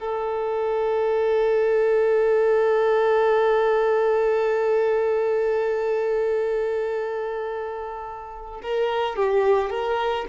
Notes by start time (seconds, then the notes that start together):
0.00 A4
8.63 A#4
9.16 G4
9.70 A#4